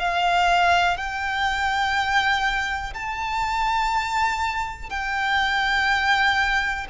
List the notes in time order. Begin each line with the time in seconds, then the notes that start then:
0.00 F5
0.97 G5
2.94 A5
4.90 G5